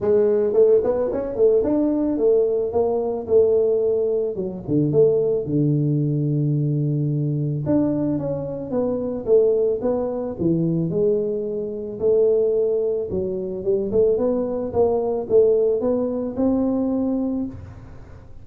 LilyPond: \new Staff \with { instrumentName = "tuba" } { \time 4/4 \tempo 4 = 110 gis4 a8 b8 cis'8 a8 d'4 | a4 ais4 a2 | fis8 d8 a4 d2~ | d2 d'4 cis'4 |
b4 a4 b4 e4 | gis2 a2 | fis4 g8 a8 b4 ais4 | a4 b4 c'2 | }